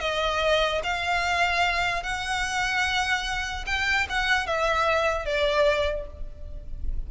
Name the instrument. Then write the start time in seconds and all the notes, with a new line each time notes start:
violin
0.00 D#5
0.83 F5
2.03 F#5
3.66 G5
4.09 F#5
4.46 E5
5.25 D5